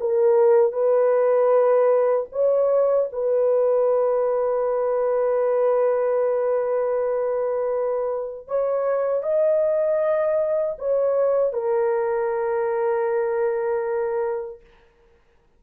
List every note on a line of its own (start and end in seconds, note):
0.00 0.72 A#4
0.72 2.26 B4
2.32 3.09 C#5
3.12 8.48 B4
8.48 9.23 C#5
9.23 10.77 D#5
10.78 11.53 C#5
11.53 14.60 A#4